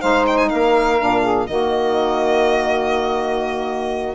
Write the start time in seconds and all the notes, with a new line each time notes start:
0.00 G#3 D#4 C5 F5
0.27 G5
0.36 G#5
0.49 A#3 A#4 F5
0.98 A#2 D4
1.22 G#4
1.46 D#3 A#3 F#4 D#5